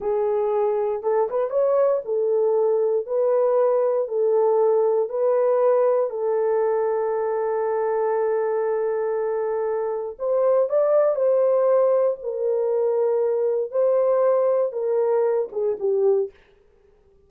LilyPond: \new Staff \with { instrumentName = "horn" } { \time 4/4 \tempo 4 = 118 gis'2 a'8 b'8 cis''4 | a'2 b'2 | a'2 b'2 | a'1~ |
a'1 | c''4 d''4 c''2 | ais'2. c''4~ | c''4 ais'4. gis'8 g'4 | }